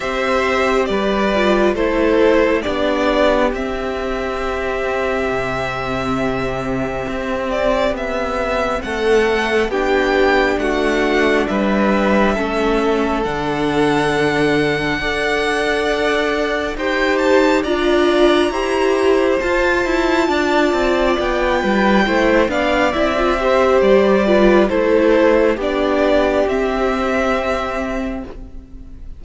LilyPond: <<
  \new Staff \with { instrumentName = "violin" } { \time 4/4 \tempo 4 = 68 e''4 d''4 c''4 d''4 | e''1~ | e''8 d''8 e''4 fis''4 g''4 | fis''4 e''2 fis''4~ |
fis''2. g''8 a''8 | ais''2 a''2 | g''4. f''8 e''4 d''4 | c''4 d''4 e''2 | }
  \new Staff \with { instrumentName = "violin" } { \time 4/4 c''4 b'4 a'4 g'4~ | g'1~ | g'2 a'4 g'4 | fis'4 b'4 a'2~ |
a'4 d''2 c''4 | d''4 c''2 d''4~ | d''8 b'8 c''8 d''4 c''4 b'8 | a'4 g'2. | }
  \new Staff \with { instrumentName = "viola" } { \time 4/4 g'4. f'8 e'4 d'4 | c'1~ | c'2. d'4~ | d'2 cis'4 d'4~ |
d'4 a'2 g'4 | f'4 g'4 f'2~ | f'4 e'8 d'8 e'16 f'16 g'4 f'8 | e'4 d'4 c'2 | }
  \new Staff \with { instrumentName = "cello" } { \time 4/4 c'4 g4 a4 b4 | c'2 c2 | c'4 b4 a4 b4 | a4 g4 a4 d4~ |
d4 d'2 dis'4 | d'4 e'4 f'8 e'8 d'8 c'8 | b8 g8 a8 b8 c'4 g4 | a4 b4 c'2 | }
>>